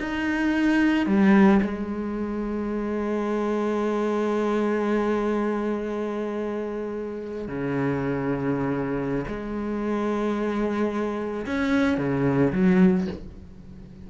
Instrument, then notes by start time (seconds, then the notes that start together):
cello
0.00 D#4
1.06 G3
1.62 G#3
7.48 C#3
9.28 G#3
11.46 C#4
11.98 C#3
12.53 F#3